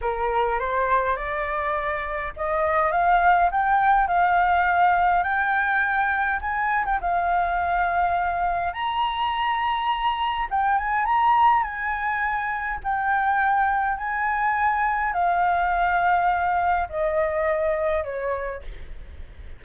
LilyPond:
\new Staff \with { instrumentName = "flute" } { \time 4/4 \tempo 4 = 103 ais'4 c''4 d''2 | dis''4 f''4 g''4 f''4~ | f''4 g''2 gis''8. g''16 | f''2. ais''4~ |
ais''2 g''8 gis''8 ais''4 | gis''2 g''2 | gis''2 f''2~ | f''4 dis''2 cis''4 | }